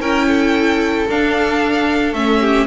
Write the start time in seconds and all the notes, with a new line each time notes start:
0.00 C#4 E4 A#4 G5
0.28 A4
1.09 D4 F5
2.13 A3 C#4 E5
2.41 G4